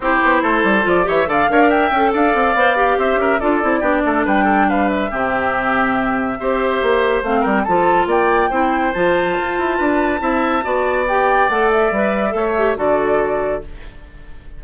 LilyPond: <<
  \new Staff \with { instrumentName = "flute" } { \time 4/4 \tempo 4 = 141 c''2 d''8 e''8 f''4 | g''4 f''2 e''4 | d''2 g''4 f''8 e''8~ | e''1~ |
e''4 f''8 g''8 a''4 g''4~ | g''4 a''2.~ | a''2 g''4 fis''8 e''8~ | e''2 d''2 | }
  \new Staff \with { instrumentName = "oboe" } { \time 4/4 g'4 a'4. cis''8 d''8 cis''16 d''16 | e''4 d''2 c''8 ais'8 | a'4 g'8 a'8 b'8 a'8 b'4 | g'2. c''4~ |
c''4. ais'8 a'4 d''4 | c''2. b'4 | e''4 d''2.~ | d''4 cis''4 a'2 | }
  \new Staff \with { instrumentName = "clarinet" } { \time 4/4 e'2 f'8 g'8 a'8 ais'8~ | ais'8 a'4. c''8 g'4. | f'8 e'8 d'2. | c'2. g'4~ |
g'4 c'4 f'2 | e'4 f'2. | e'4 fis'4 g'4 a'4 | b'4 a'8 g'8 fis'2 | }
  \new Staff \with { instrumentName = "bassoon" } { \time 4/4 c'8 b8 a8 g8 f8 e8 d8 d'8~ | d'8 cis'8 d'8 c'8 b4 c'8 cis'8 | d'8 c'8 b8 a8 g2 | c2. c'4 |
ais4 a8 g8 f4 ais4 | c'4 f4 f'8 e'8 d'4 | c'4 b2 a4 | g4 a4 d2 | }
>>